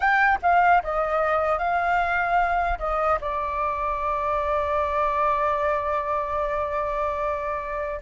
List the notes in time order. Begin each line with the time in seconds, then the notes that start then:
0.00 G5
0.42 F5
0.83 D#5
1.58 F5
2.79 D#5
3.20 D5